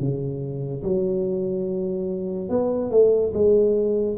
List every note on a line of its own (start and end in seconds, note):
0.00 0.83 C#3
0.83 2.50 F#3
2.50 2.91 B3
2.91 3.33 A3
3.34 4.17 G#3